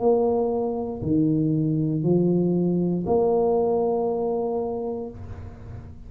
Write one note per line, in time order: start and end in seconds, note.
0.00 1.02 A#3
1.02 2.03 D#3
2.03 3.05 F3
3.06 5.10 A#3